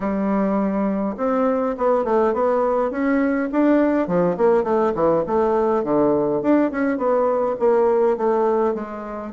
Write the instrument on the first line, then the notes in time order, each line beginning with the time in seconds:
bassoon
0.00 G3
1.17 C4
1.77 B3
2.04 A3
2.33 B3
2.90 C#4
3.52 D4
4.07 F3
4.37 A#3
4.63 A3
4.95 E3
5.26 A3
5.83 D3
6.42 D4
6.71 C#4
6.97 B3
7.59 A#3
8.17 A3
8.74 G#3